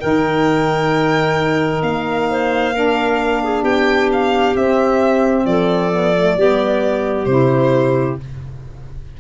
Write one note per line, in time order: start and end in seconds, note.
0.00 1.83 D#3
0.00 2.73 D#4
0.00 2.29 A#4
0.00 1.83 G5
1.83 3.63 A#3
1.83 3.64 F5
2.30 2.74 C5
2.74 4.56 D4
2.74 3.43 A#4
3.44 3.63 G#4
3.63 4.54 B3
3.63 5.45 G4
3.63 4.10 G5
4.13 4.56 F5
4.55 5.46 C4
4.55 5.93 C4
4.55 5.46 E5
5.46 6.37 F3
5.46 6.38 A4
5.46 7.25 D5
5.93 6.16 B3
6.16 6.39 A3
6.37 7.26 G3
6.37 7.29 B3
6.37 8.20 G4
7.25 8.17 C3
7.25 8.20 E4
7.25 8.16 C5